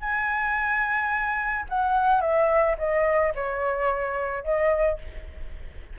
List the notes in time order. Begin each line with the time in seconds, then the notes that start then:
0.00 G#5
1.69 F#5
2.21 E5
2.78 D#5
3.35 C#5
4.44 D#5